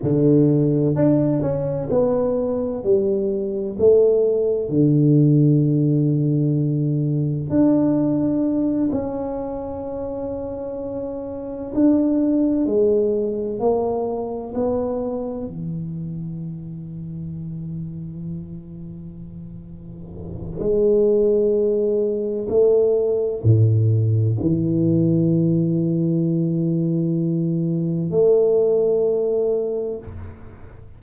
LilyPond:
\new Staff \with { instrumentName = "tuba" } { \time 4/4 \tempo 4 = 64 d4 d'8 cis'8 b4 g4 | a4 d2. | d'4. cis'2~ cis'8~ | cis'8 d'4 gis4 ais4 b8~ |
b8 e2.~ e8~ | e2 gis2 | a4 a,4 e2~ | e2 a2 | }